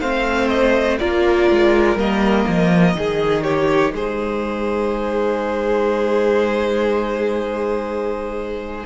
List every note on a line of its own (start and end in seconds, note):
0.00 0.99 A3
0.00 1.00 C4
0.00 0.98 C5
0.00 0.48 F5
0.48 0.97 D#5
0.98 1.50 A#3
0.98 1.97 F4
0.98 2.96 A#4
0.98 1.97 D5
1.50 1.95 G#3
1.95 2.44 G3
1.95 2.94 A#3
1.95 3.43 D#5
2.47 2.94 F3
2.94 3.92 D#3
2.94 8.84 D#4
2.94 3.44 G#4
3.43 3.93 G4
3.43 3.92 C#5
3.92 8.83 G#3
3.92 8.85 G#4
3.92 8.85 C5